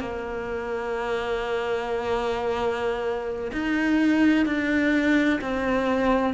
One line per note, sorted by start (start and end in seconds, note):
0.00 3.52 A#3
3.52 4.46 D#4
4.46 5.40 D4
5.41 6.34 C4